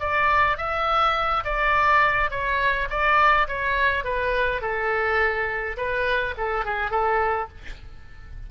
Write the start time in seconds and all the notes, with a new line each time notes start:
0.00 D5
0.57 E5
1.44 D5
2.31 C#5
2.90 D5
3.48 C#5
4.04 B4
4.61 A4
5.77 B4
6.38 A4
6.65 G#4
6.91 A4